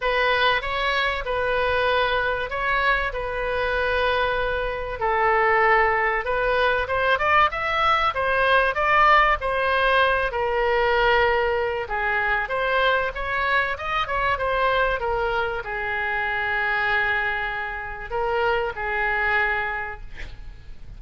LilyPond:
\new Staff \with { instrumentName = "oboe" } { \time 4/4 \tempo 4 = 96 b'4 cis''4 b'2 | cis''4 b'2. | a'2 b'4 c''8 d''8 | e''4 c''4 d''4 c''4~ |
c''8 ais'2~ ais'8 gis'4 | c''4 cis''4 dis''8 cis''8 c''4 | ais'4 gis'2.~ | gis'4 ais'4 gis'2 | }